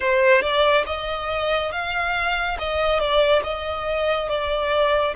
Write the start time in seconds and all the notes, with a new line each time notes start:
0.00 C5
0.41 D5
0.86 D#5
1.71 F5
2.59 D#5
2.99 D5
3.43 D#5
4.28 D5